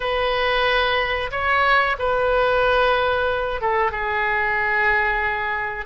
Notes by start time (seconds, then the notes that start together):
0.00 B4
1.31 C#5
1.99 B4
3.61 A4
3.91 G#4